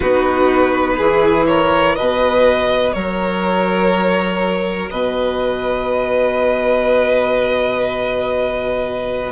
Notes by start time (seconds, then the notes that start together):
0.00 B3 D#4 F#4 B4
0.97 E3 E4 G#4
1.46 A#4 C#5
1.95 B2 F#4 B4 D#5
2.92 F#3 A#4 C#5
4.90 B2 B4 D#5